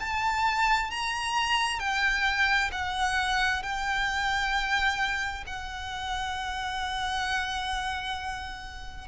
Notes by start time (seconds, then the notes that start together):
0.00 A5
0.91 A#5
1.80 G5
2.72 F#5
3.63 G5
5.47 F#5